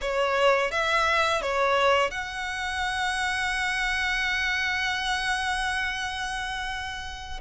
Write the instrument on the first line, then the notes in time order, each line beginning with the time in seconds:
violin
0.01 C#5
0.71 E5
1.41 C#5
2.10 F#5